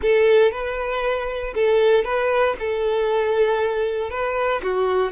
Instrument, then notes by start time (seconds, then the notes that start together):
violin
0.02 A4
0.51 B4
1.54 A4
2.04 B4
2.59 A4
4.10 B4
4.62 F#4